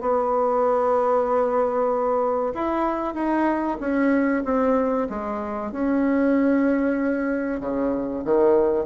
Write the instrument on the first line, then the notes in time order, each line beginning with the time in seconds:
bassoon
0.00 B3
2.54 E4
3.14 D#4
3.80 C#4
4.44 C4
5.09 G#3
5.71 C#4
7.60 C#3
8.24 D#3